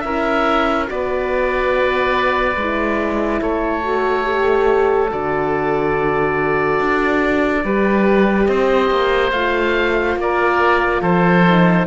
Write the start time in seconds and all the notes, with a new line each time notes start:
0.00 C#4 E4 A#4 E5
0.86 B3 F#4 B4 D5
2.56 G#3 E4
3.41 A3 A4 C#5
3.83 F#4
4.24 G4
5.10 D3 F#4 D5
6.80 D4
7.64 G3 G4 B4
8.46 C4 C5 D#5
8.90 A#3
9.31 A3 F4 F5
10.16 A#3 A#4 D5
11.01 F3 A4 C5
11.46 D#4